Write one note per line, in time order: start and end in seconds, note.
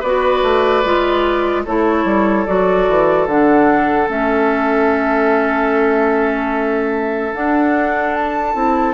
0.00 0.43 B3
0.00 0.84 F#4
0.00 1.62 B4
0.00 1.64 D5
0.43 0.83 A3
0.84 1.66 G#3
0.84 1.65 F4
1.65 2.04 A3
1.65 2.46 E4
1.65 8.94 A4
1.65 2.46 C#5
2.04 2.45 G3
2.46 2.88 F#3
2.46 3.28 F#4
2.46 3.27 D5
2.88 3.26 E3
3.26 4.07 D3
3.26 4.08 D4
3.26 4.09 F#5
4.08 7.33 A3
4.08 7.32 C#4
4.08 7.34 E5
7.33 8.54 D4
7.33 8.55 D4
7.33 8.15 F#5
8.15 8.94 A5
8.54 8.94 C4
8.54 8.94 E4